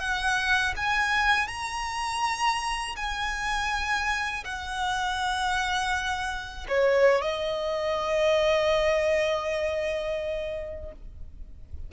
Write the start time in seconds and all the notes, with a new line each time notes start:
0.00 F#5
0.77 G#5
1.48 A#5
2.96 G#5
4.45 F#5
6.69 C#5
7.22 D#5